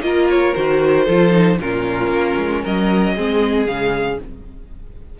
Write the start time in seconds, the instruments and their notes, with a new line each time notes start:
0.00 cello A#3, viola F4, violin A#4 D#5
0.29 violin C#5
0.54 cello D#3, viola F#4, violin C5
1.05 cello F3, viola F4, violin A4
1.31 viola D#4
1.58 cello A#2, viola C#4, violin F4 A#4
2.07 cello A#3
2.37 cello G#3
2.62 cello F#3, violin A#4 D#5
3.15 cello G#3, viola C4, violin G#4
3.66 cello C#3, viola G#3, violin F5